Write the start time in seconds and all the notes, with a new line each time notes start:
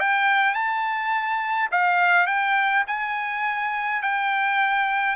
0.00 G5
0.54 A5
1.71 F5
2.27 G5
2.87 G#5
4.02 G5